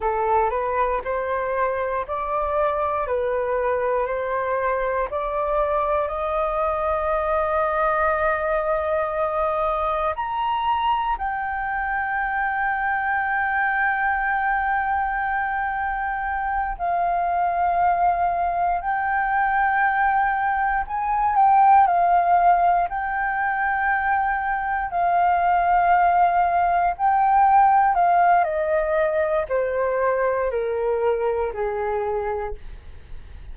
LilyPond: \new Staff \with { instrumentName = "flute" } { \time 4/4 \tempo 4 = 59 a'8 b'8 c''4 d''4 b'4 | c''4 d''4 dis''2~ | dis''2 ais''4 g''4~ | g''1~ |
g''8 f''2 g''4.~ | g''8 gis''8 g''8 f''4 g''4.~ | g''8 f''2 g''4 f''8 | dis''4 c''4 ais'4 gis'4 | }